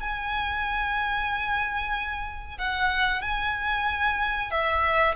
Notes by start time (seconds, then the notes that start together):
0.00 G#5
2.58 F#5
3.21 G#5
4.50 E5